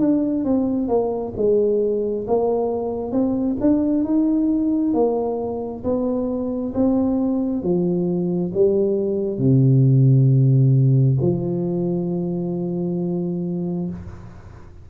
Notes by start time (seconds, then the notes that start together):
0.00 D4
0.45 C4
0.88 A#3
1.37 G#3
2.28 A#3
3.12 C4
3.61 D4
4.05 D#4
4.94 A#3
5.84 B3
6.74 C4
7.63 F3
8.54 G3
9.38 C3
11.21 F3